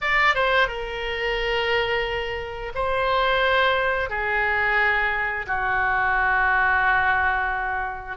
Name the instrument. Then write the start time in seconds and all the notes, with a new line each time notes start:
oboe
0.01 D5
0.34 C5
0.68 A#4
2.75 C5
4.09 G#4
5.47 F#4